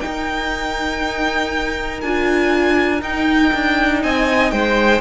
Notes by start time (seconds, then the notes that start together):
0.00 D#4 A#4 G5
2.01 D4 F4 G#5
3.00 D#4 G5
3.54 D4
4.03 C4 D#5 G#5
4.51 G#3 C5 G5